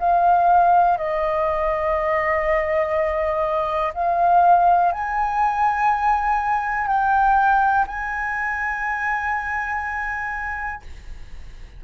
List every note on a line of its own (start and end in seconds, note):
0.00 0.98 F5
0.98 3.93 D#5
3.94 4.93 F5
4.93 6.88 G#5
6.88 7.86 G5
7.88 10.83 G#5